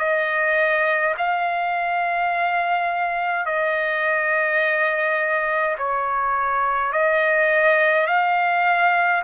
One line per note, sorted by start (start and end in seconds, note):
0.00 1.15 D#5
1.18 3.46 F5
3.46 5.77 D#5
5.78 6.93 C#5
6.93 8.07 D#5
8.07 9.23 F5